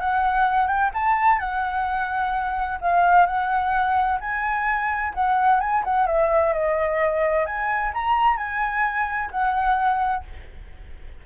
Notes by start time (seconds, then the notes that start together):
0.00 F#5
0.68 G5
0.94 A5
1.40 F#5
2.81 F5
3.26 F#5
4.21 G#5
5.15 F#5
5.60 G#5
5.84 F#5
6.07 E5
6.53 D#5
7.46 G#5
7.94 A#5
8.37 G#5
9.31 F#5